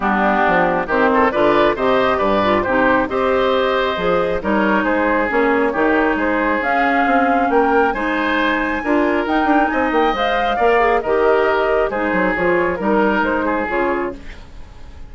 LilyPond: <<
  \new Staff \with { instrumentName = "flute" } { \time 4/4 \tempo 4 = 136 g'2 c''4 d''4 | dis''4 d''4 c''4 dis''4~ | dis''2 cis''4 c''4 | cis''2 c''4 f''4~ |
f''4 g''4 gis''2~ | gis''4 g''4 gis''8 g''8 f''4~ | f''4 dis''2 c''4 | cis''4 ais'4 c''4 cis''4 | }
  \new Staff \with { instrumentName = "oboe" } { \time 4/4 d'2 g'8 a'8 b'4 | c''4 b'4 g'4 c''4~ | c''2 ais'4 gis'4~ | gis'4 g'4 gis'2~ |
gis'4 ais'4 c''2 | ais'2 dis''2 | d''4 ais'2 gis'4~ | gis'4 ais'4. gis'4. | }
  \new Staff \with { instrumentName = "clarinet" } { \time 4/4 b2 c'4 f'4 | g'4. f'8 dis'4 g'4~ | g'4 gis'4 dis'2 | cis'4 dis'2 cis'4~ |
cis'2 dis'2 | f'4 dis'2 c''4 | ais'8 gis'8 g'2 dis'4 | f'4 dis'2 f'4 | }
  \new Staff \with { instrumentName = "bassoon" } { \time 4/4 g4 f4 dis4 d4 | c4 g,4 c4 c'4~ | c'4 f4 g4 gis4 | ais4 dis4 gis4 cis'4 |
c'4 ais4 gis2 | d'4 dis'8 d'8 c'8 ais8 gis4 | ais4 dis2 gis8 fis8 | f4 g4 gis4 cis4 | }
>>